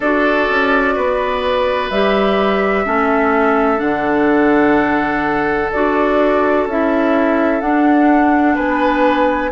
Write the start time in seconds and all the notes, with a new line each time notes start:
0.00 D4 F#4 A4 D5
0.49 C#4
0.95 B3 B4
1.89 G3 G4 E5
2.86 A3 C#4 A4
3.77 D3 D4 F#5
5.71 D4 F#4 D5
6.66 C#4 E4 E5
7.61 D4 F#5
8.55 B3 B4 G#5